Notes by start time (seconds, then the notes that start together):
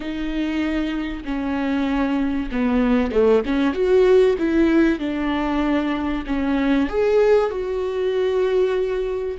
0.00 D#4
1.24 C#4
2.51 B3
3.11 A3
3.45 C#4
3.73 F#4
4.38 E4
4.99 D4
6.26 C#4
6.89 G#4
7.50 F#4